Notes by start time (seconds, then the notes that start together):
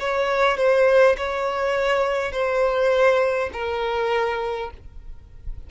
0.00 C#5
0.58 C5
1.18 C#5
2.32 C5
3.53 A#4